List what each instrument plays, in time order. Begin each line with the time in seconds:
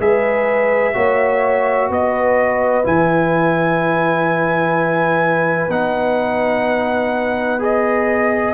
0.00 tuba G#3, trombone G#4, horn B4, trumpet E5
0.94 tuba A#3, trombone F#4, horn C#5
1.90 tuba B3, horn B4, trumpet D#5
2.84 tuba E3, trombone E4, trumpet G#5
5.69 tuba B3, trombone D#4, trumpet F#5
7.60 trombone G#4, trumpet D#5